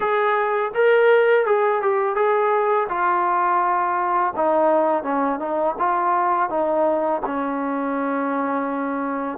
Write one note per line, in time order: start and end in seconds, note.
0.00 0.71 G#4
0.74 1.46 A#4
1.46 1.81 G#4
1.81 2.15 G4
2.15 2.87 G#4
2.88 4.33 F4
4.36 5.03 D#4
5.03 5.39 C#4
5.39 5.75 D#4
5.78 6.49 F4
6.49 7.21 D#4
7.25 9.38 C#4